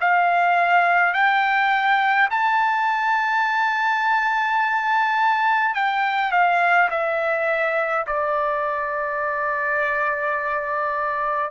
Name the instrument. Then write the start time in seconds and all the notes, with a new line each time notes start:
trumpet
0.00 F5
1.13 G5
2.30 A5
5.74 G5
6.31 F5
6.90 E5
8.07 D5